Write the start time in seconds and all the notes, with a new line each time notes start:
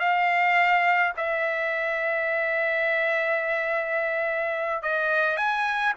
0.00 F5
1.17 E5
4.83 D#5
5.37 G#5